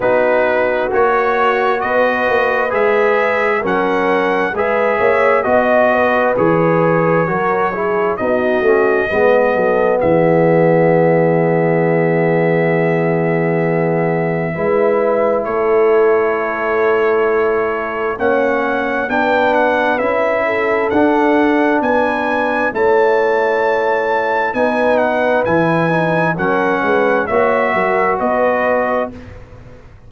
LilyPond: <<
  \new Staff \with { instrumentName = "trumpet" } { \time 4/4 \tempo 4 = 66 b'4 cis''4 dis''4 e''4 | fis''4 e''4 dis''4 cis''4~ | cis''4 dis''2 e''4~ | e''1~ |
e''4 cis''2. | fis''4 g''8 fis''8 e''4 fis''4 | gis''4 a''2 gis''8 fis''8 | gis''4 fis''4 e''4 dis''4 | }
  \new Staff \with { instrumentName = "horn" } { \time 4/4 fis'2 b'2 | ais'4 b'8 cis''8 dis''8 b'4. | ais'8 gis'8 fis'4 b'8 a'8 gis'4~ | gis'1 |
b'4 a'2. | cis''4 b'4. a'4. | b'4 cis''2 b'4~ | b'4 ais'8 b'8 cis''8 ais'8 b'4 | }
  \new Staff \with { instrumentName = "trombone" } { \time 4/4 dis'4 fis'2 gis'4 | cis'4 gis'4 fis'4 gis'4 | fis'8 e'8 dis'8 cis'8 b2~ | b1 |
e'1 | cis'4 d'4 e'4 d'4~ | d'4 e'2 dis'4 | e'8 dis'8 cis'4 fis'2 | }
  \new Staff \with { instrumentName = "tuba" } { \time 4/4 b4 ais4 b8 ais8 gis4 | fis4 gis8 ais8 b4 e4 | fis4 b8 a8 gis8 fis8 e4~ | e1 |
gis4 a2. | ais4 b4 cis'4 d'4 | b4 a2 b4 | e4 fis8 gis8 ais8 fis8 b4 | }
>>